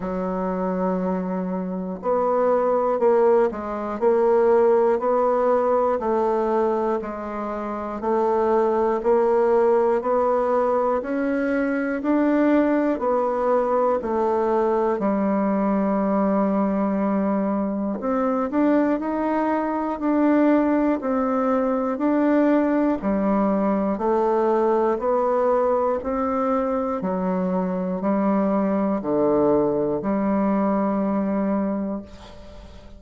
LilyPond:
\new Staff \with { instrumentName = "bassoon" } { \time 4/4 \tempo 4 = 60 fis2 b4 ais8 gis8 | ais4 b4 a4 gis4 | a4 ais4 b4 cis'4 | d'4 b4 a4 g4~ |
g2 c'8 d'8 dis'4 | d'4 c'4 d'4 g4 | a4 b4 c'4 fis4 | g4 d4 g2 | }